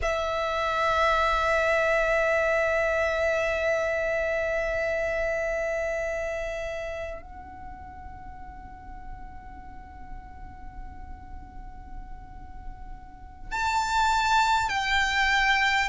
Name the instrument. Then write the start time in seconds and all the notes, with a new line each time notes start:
violin
0.02 E5
7.22 F#5
13.51 A5
14.69 G5